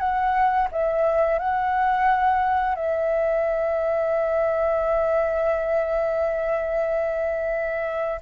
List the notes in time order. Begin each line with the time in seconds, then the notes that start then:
0.00 F#5
0.72 E5
1.39 F#5
2.75 E5